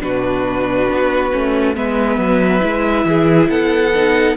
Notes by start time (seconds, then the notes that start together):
0.00 B2 D4 F#4 B4
0.89 B3
1.33 A3 C#4
1.75 G#3 B3 B4 E5
2.18 F#3
2.61 G#3 E4
3.05 E3 G#4
3.49 B3 A4 F#5
3.95 D#4